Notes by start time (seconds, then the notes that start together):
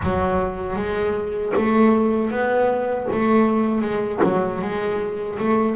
0.03 F#3
0.76 G#3
1.55 A3
2.30 B3
3.12 A3
3.81 G#3
4.23 F#3
4.61 G#3
5.38 A3